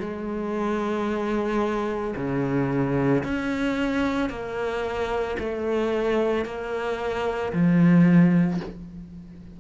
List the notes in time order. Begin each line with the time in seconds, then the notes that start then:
0.00 G#3
2.16 C#3
3.23 C#4
4.30 A#3
5.39 A3
6.45 A#3
7.53 F3